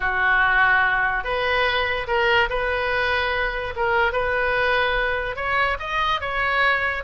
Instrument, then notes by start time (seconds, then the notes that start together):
oboe
0.00 F#4
1.24 B4
2.07 A#4
2.49 B4
3.75 A#4
4.12 B4
5.36 C#5
5.79 D#5
6.21 C#5